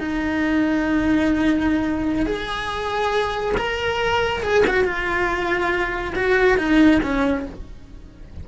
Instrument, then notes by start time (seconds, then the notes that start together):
cello
0.00 D#4
2.26 G#4
3.57 A#4
4.43 G#4
4.68 F#4
4.84 F4
6.15 F#4
6.58 D#4
7.03 C#4